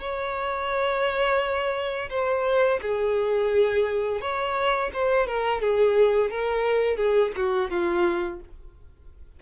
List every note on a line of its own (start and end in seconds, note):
0.00 2.09 C#5
2.10 2.79 C5
2.82 4.21 G#4
4.21 4.91 C#5
4.93 5.27 C5
5.27 5.61 A#4
5.61 6.30 G#4
6.30 6.97 A#4
6.97 7.32 G#4
7.36 7.70 F#4
7.70 8.40 F4